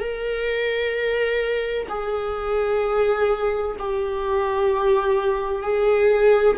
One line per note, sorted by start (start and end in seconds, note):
0.00 1.87 A#4
1.90 3.77 G#4
3.80 5.63 G4
5.63 6.57 G#4